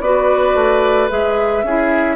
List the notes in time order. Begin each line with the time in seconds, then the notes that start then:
0.00 B3 F#4 B4 D5
0.55 A3
1.09 G#3 G#4 E5
1.63 C#4 E4 G#4